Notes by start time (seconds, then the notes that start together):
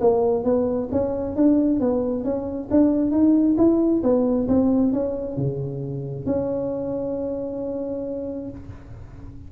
0.00 A#3
0.44 B3
0.91 C#4
1.36 D4
1.80 B3
2.24 C#4
2.71 D4
3.11 D#4
3.57 E4
4.03 B3
4.48 C4
4.92 C#4
5.36 C#3
6.26 C#4